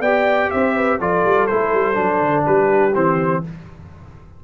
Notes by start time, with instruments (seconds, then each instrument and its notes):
0.00 tuba B3, trombone G4, horn D5, trumpet G5
0.50 tuba C4, horn C5, trumpet E5
0.76 horn B4
0.98 tuba F3, trombone F4, horn A4, trumpet D5
1.24 tuba G3
1.46 tuba A3, trombone E4, trumpet C5
1.73 tuba G3
1.94 tuba F#3, trombone D4
2.20 tuba D3
2.45 tuba G3, horn G4, trumpet B4
2.95 tuba E3, trombone C4, trumpet C5